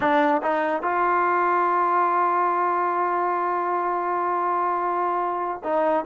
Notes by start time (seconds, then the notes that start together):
0.00 D4
0.42 D#4
0.82 F4
5.63 D#4